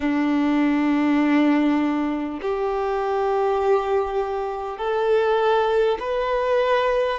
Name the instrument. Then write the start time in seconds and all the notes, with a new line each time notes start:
violin
0.00 D4
2.41 G4
4.78 A4
5.99 B4